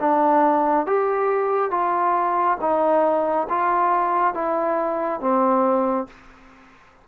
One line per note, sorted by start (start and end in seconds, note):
0.00 0.87 D4
0.87 1.71 G4
1.71 2.58 F4
2.61 3.48 D#4
3.49 4.34 F4
4.34 5.20 E4
5.20 6.07 C4